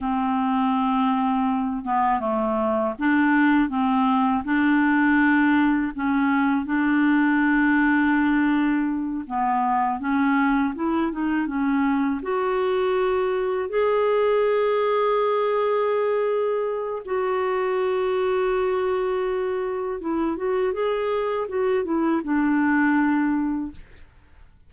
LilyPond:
\new Staff \with { instrumentName = "clarinet" } { \time 4/4 \tempo 4 = 81 c'2~ c'8 b8 a4 | d'4 c'4 d'2 | cis'4 d'2.~ | d'8 b4 cis'4 e'8 dis'8 cis'8~ |
cis'8 fis'2 gis'4.~ | gis'2. fis'4~ | fis'2. e'8 fis'8 | gis'4 fis'8 e'8 d'2 | }